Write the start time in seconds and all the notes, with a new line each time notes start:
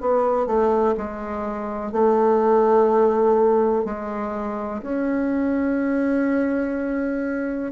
0.00 B3
0.46 A3
0.97 G#3
1.92 A3
3.84 G#3
4.82 C#4